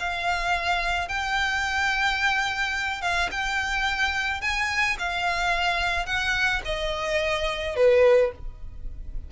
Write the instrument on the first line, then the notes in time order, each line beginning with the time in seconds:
violin
0.00 F5
1.09 G5
3.02 F5
3.32 G5
4.42 G#5
4.99 F5
6.06 F#5
6.65 D#5
7.77 B4